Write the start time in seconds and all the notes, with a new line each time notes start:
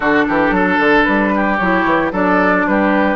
0.00 D3 D4 F#4 A4
0.28 E3 G4
0.50 F#3 A4
0.79 D3
1.03 G3 B4
1.35 G4
1.57 F#3 E4 C#5
1.84 E3
2.11 F#3 D4 A4 D5
2.67 G3 G4 B4